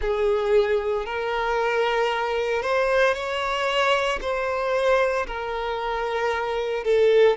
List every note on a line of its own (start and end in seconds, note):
0.01 1.05 G#4
1.05 2.62 A#4
2.62 3.13 C5
3.13 4.19 C#5
4.21 5.26 C5
5.26 6.84 A#4
6.84 7.36 A4